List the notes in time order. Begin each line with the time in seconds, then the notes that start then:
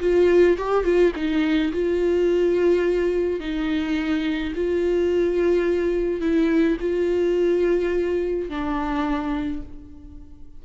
0.00 F4
0.58 G4
0.84 F4
1.15 D#4
1.72 F4
3.40 D#4
4.55 F4
6.21 E4
6.81 F4
8.49 D4